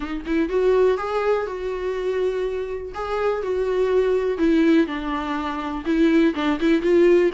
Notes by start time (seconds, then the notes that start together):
0.00 D#4
0.25 E4
0.49 F#4
0.97 G#4
1.46 F#4
2.94 G#4
3.42 F#4
4.38 E4
4.86 D4
5.85 E4
6.35 D4
6.59 E4
6.82 F4